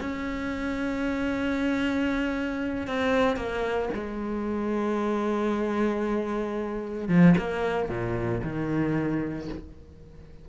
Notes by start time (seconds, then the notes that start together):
0.00 C#4
2.87 C4
3.36 A#3
3.94 G#3
7.08 F3
7.38 A#3
7.89 A#2
8.43 D#3